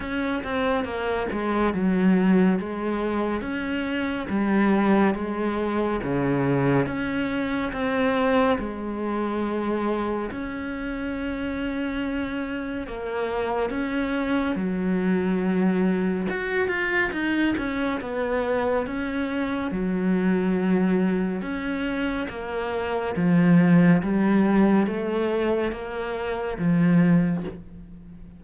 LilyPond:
\new Staff \with { instrumentName = "cello" } { \time 4/4 \tempo 4 = 70 cis'8 c'8 ais8 gis8 fis4 gis4 | cis'4 g4 gis4 cis4 | cis'4 c'4 gis2 | cis'2. ais4 |
cis'4 fis2 fis'8 f'8 | dis'8 cis'8 b4 cis'4 fis4~ | fis4 cis'4 ais4 f4 | g4 a4 ais4 f4 | }